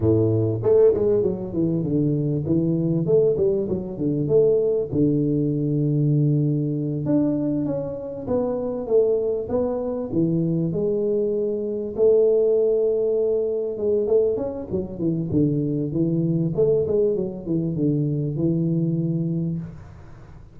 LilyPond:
\new Staff \with { instrumentName = "tuba" } { \time 4/4 \tempo 4 = 98 a,4 a8 gis8 fis8 e8 d4 | e4 a8 g8 fis8 d8 a4 | d2.~ d8 d'8~ | d'8 cis'4 b4 a4 b8~ |
b8 e4 gis2 a8~ | a2~ a8 gis8 a8 cis'8 | fis8 e8 d4 e4 a8 gis8 | fis8 e8 d4 e2 | }